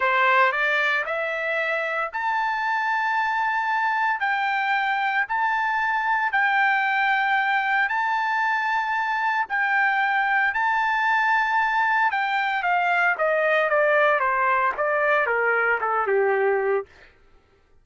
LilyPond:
\new Staff \with { instrumentName = "trumpet" } { \time 4/4 \tempo 4 = 114 c''4 d''4 e''2 | a''1 | g''2 a''2 | g''2. a''4~ |
a''2 g''2 | a''2. g''4 | f''4 dis''4 d''4 c''4 | d''4 ais'4 a'8 g'4. | }